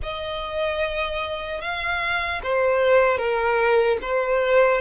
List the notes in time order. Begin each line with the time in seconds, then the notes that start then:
0.02 D#5
1.61 F5
2.43 C5
3.17 A#4
4.01 C5